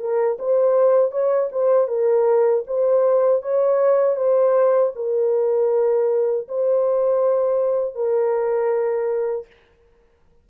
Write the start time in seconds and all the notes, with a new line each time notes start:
0.00 A#4
0.39 C5
1.12 C#5
1.52 C5
1.88 A#4
2.67 C5
3.42 C#5
4.17 C5
4.96 A#4
6.48 C5
7.95 A#4